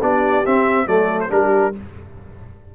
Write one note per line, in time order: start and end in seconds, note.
0.00 0.45 B3
0.00 0.45 D4
0.00 0.87 G4
0.00 0.46 D5
0.46 0.86 C4
0.46 0.87 C4
0.46 0.87 E5
0.86 1.30 F#3
0.86 1.29 A3
0.86 1.31 A4
0.86 1.20 D5
1.20 1.31 C5
1.29 1.74 G3
1.29 1.72 D4
1.29 1.75 G4
1.29 1.75 A#4